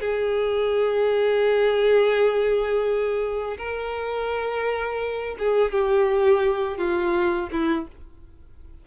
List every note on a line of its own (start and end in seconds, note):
0.00 3.57 G#4
3.57 5.36 A#4
5.39 5.71 G#4
5.71 6.77 G4
6.77 7.49 F4
7.51 7.87 E4